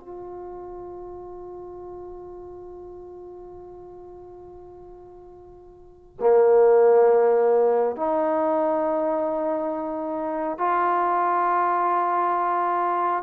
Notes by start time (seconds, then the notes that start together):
0.00 F4
6.20 A#3
7.97 D#4
10.59 F4